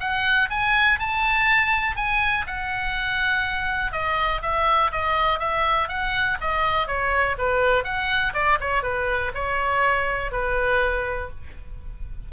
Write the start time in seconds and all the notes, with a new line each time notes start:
0.00 F#5
0.50 G#5
0.99 A5
1.96 G#5
2.47 F#5
3.92 D#5
4.42 E5
4.91 D#5
5.39 E5
5.88 F#5
6.41 D#5
6.87 C#5
7.38 B4
7.84 F#5
8.34 D5
8.60 C#5
8.83 B4
9.34 C#5
10.32 B4